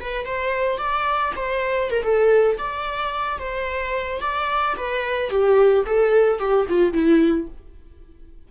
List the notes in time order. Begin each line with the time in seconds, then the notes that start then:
0.00 B4
0.25 C5
0.78 D5
1.36 C5
1.90 A#4
2.03 A4
2.58 D5
3.38 C5
4.20 D5
4.77 B4
5.30 G4
5.86 A4
6.39 G4
6.68 F4
6.93 E4